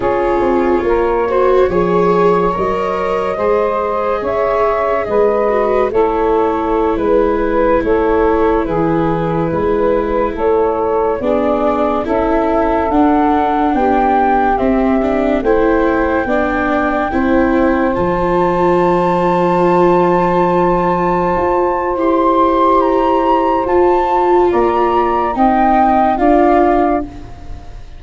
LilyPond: <<
  \new Staff \with { instrumentName = "flute" } { \time 4/4 \tempo 4 = 71 cis''2. dis''4~ | dis''4 e''4 dis''4 cis''4~ | cis''16 b'4 cis''4 b'4.~ b'16~ | b'16 cis''4 d''4 e''4 fis''8.~ |
fis''16 g''4 e''4 g''4.~ g''16~ | g''4~ g''16 a''2~ a''8.~ | a''2 c'''4 ais''4 | a''4 ais''4 g''4 f''4 | }
  \new Staff \with { instrumentName = "saxophone" } { \time 4/4 gis'4 ais'8 c''8 cis''2 | c''4 cis''4 b'4 a'4~ | a'16 b'4 a'4 gis'4 b'8.~ | b'16 a'4 gis'4 a'4.~ a'16~ |
a'16 g'2 c''4 d''8.~ | d''16 c''2.~ c''8.~ | c''1~ | c''4 d''4 dis''4 d''4 | }
  \new Staff \with { instrumentName = "viola" } { \time 4/4 f'4. fis'8 gis'4 ais'4 | gis'2~ gis'8 fis'8 e'4~ | e'1~ | e'4~ e'16 d'4 e'4 d'8.~ |
d'4~ d'16 c'8 d'8 e'4 d'8.~ | d'16 e'4 f'2~ f'8.~ | f'2 g'2 | f'2 dis'4 f'4 | }
  \new Staff \with { instrumentName = "tuba" } { \time 4/4 cis'8 c'8 ais4 f4 fis4 | gis4 cis'4 gis4 a4~ | a16 gis4 a4 e4 gis8.~ | gis16 a4 b4 cis'4 d'8.~ |
d'16 b4 c'4 a4 b8.~ | b16 c'4 f2~ f8.~ | f4~ f16 f'8. e'2 | f'4 ais4 c'4 d'4 | }
>>